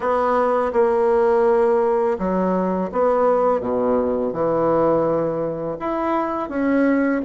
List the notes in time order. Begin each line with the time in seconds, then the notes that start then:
0.00 B3
0.72 A#3
2.18 F#3
2.91 B3
3.60 B2
4.32 E3
5.79 E4
6.49 C#4